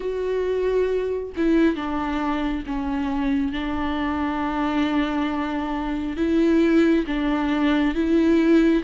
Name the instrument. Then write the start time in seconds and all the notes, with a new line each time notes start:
viola
0.00 F#4
1.36 E4
1.75 D4
2.66 C#4
3.52 D4
6.16 E4
7.06 D4
7.94 E4